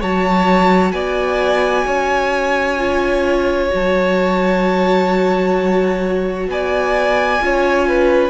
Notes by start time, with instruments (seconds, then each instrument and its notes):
0.00 cello F#3, viola F#4, violin C#5 A5
0.91 cello B3, violin D5 G#5
1.86 cello C#4, violin C#5
2.77 viola F4
3.69 cello F#3, viola F#4, violin A5
6.47 cello B3, violin D5 G#5
7.40 cello C#4, viola F4, violin C#5
7.87 violin B4